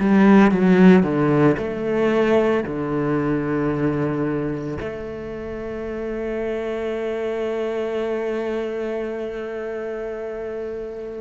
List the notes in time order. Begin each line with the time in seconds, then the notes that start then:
0.00 G3
0.51 F#3
1.03 D3
1.58 A3
2.64 D3
4.80 A3